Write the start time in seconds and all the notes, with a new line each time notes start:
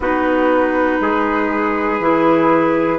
0.00 B3 D#4 F#4 B4
1.00 G#3 G#4
1.99 E3 E4